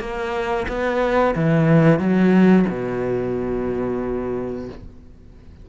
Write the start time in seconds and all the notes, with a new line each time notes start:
0.00 A#3
0.68 B3
1.35 E3
1.99 F#3
2.69 B2